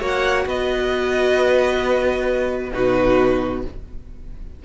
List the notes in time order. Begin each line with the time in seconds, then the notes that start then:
0.00 A#3 F#4 C#5 F#5
0.46 B3 B4 D#5
2.73 B2 D#4 F#4 B4